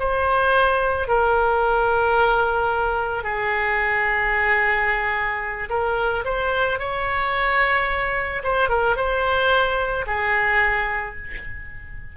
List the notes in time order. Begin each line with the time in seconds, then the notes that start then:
0.00 C5
1.08 A#4
3.24 G#4
5.70 A#4
6.25 C5
6.79 C#5
8.44 C5
8.69 A#4
8.97 C5
10.07 G#4